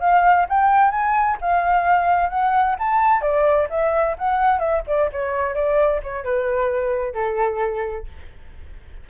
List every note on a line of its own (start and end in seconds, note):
0.00 0.46 F5
0.49 0.91 G5
0.91 1.37 G#5
1.41 2.30 F5
2.30 2.76 F#5
2.79 3.21 A5
3.21 3.68 D5
3.70 4.16 E5
4.18 4.59 F#5
4.59 4.82 E5
4.87 5.10 D5
5.12 5.54 C#5
5.54 6.01 D5
6.03 6.24 C#5
6.24 7.14 B4
7.14 8.06 A4